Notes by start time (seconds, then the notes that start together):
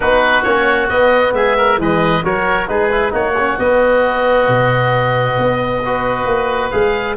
0.00 B3 D#4 F#4 B4
0.43 A#3 C#4 C#5
0.88 B3 D#5
1.33 G#3 G#4 E5
1.56 A#4
1.77 E3 G#3 B4 D#5
2.23 F#3 F#4 A#4 C#5
2.67 G#3 D#4 G#4 B4
2.91 E4
3.10 A#3 D#4 F#4 C#5
3.38 C#4
3.58 B3 D#5
4.48 B2
5.38 B3
5.85 F#4 B4
6.25 A#3
6.70 G#3 G#4 F5